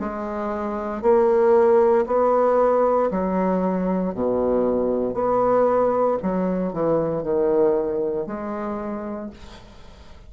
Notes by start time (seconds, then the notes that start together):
0.00 G#3
1.02 A#3
2.07 B3
3.11 F#3
4.14 B2
5.14 B3
6.23 F#3
6.73 E3
7.23 D#3
8.27 G#3